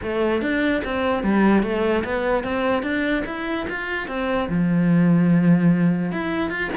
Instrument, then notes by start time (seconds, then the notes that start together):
cello
0.02 A3
0.41 D4
0.84 C4
1.23 G3
1.62 A3
2.04 B3
2.43 C4
2.83 D4
3.26 E4
3.69 F4
4.07 C4
4.49 F3
6.12 E4
6.50 F4